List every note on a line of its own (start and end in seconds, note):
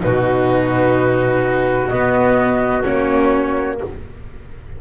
0.00 1.90 B2
0.00 1.88 D#4
0.00 3.80 F#4
0.00 1.88 B4
1.88 2.84 B3
1.88 2.83 B3
1.88 2.82 D#5
2.83 3.80 A#3
2.83 3.77 C#4
2.83 3.78 C#5